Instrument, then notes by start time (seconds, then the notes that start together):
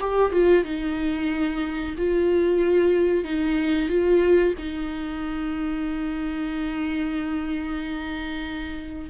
viola
0.00 G4
0.31 F4
0.64 D#4
1.97 F4
3.24 D#4
3.89 F4
4.58 D#4